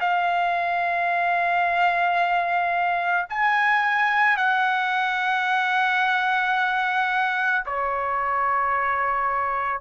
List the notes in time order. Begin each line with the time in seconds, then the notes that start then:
0.00 F5
3.29 G#5
4.37 F#5
7.66 C#5